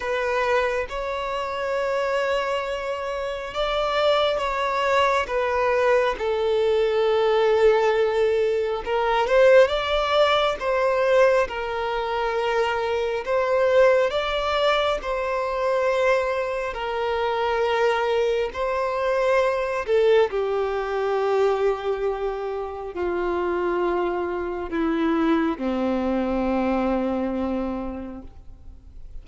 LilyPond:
\new Staff \with { instrumentName = "violin" } { \time 4/4 \tempo 4 = 68 b'4 cis''2. | d''4 cis''4 b'4 a'4~ | a'2 ais'8 c''8 d''4 | c''4 ais'2 c''4 |
d''4 c''2 ais'4~ | ais'4 c''4. a'8 g'4~ | g'2 f'2 | e'4 c'2. | }